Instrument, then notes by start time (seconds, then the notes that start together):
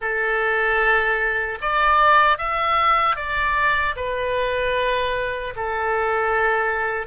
oboe
0.01 A4
1.61 D5
2.38 E5
3.16 D5
3.96 B4
5.56 A4